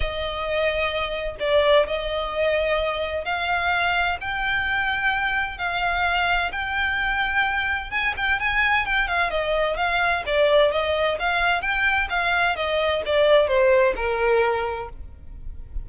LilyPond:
\new Staff \with { instrumentName = "violin" } { \time 4/4 \tempo 4 = 129 dis''2. d''4 | dis''2. f''4~ | f''4 g''2. | f''2 g''2~ |
g''4 gis''8 g''8 gis''4 g''8 f''8 | dis''4 f''4 d''4 dis''4 | f''4 g''4 f''4 dis''4 | d''4 c''4 ais'2 | }